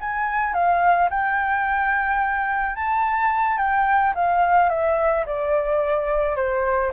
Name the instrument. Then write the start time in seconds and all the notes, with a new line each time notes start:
flute
0.00 G#5
0.53 F5
1.10 G5
2.75 A5
3.57 G5
4.15 F5
4.69 E5
5.26 D5
6.36 C5